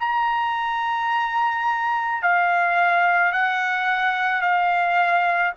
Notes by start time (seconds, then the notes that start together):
0.00 A#5
2.22 F5
3.32 F#5
4.41 F5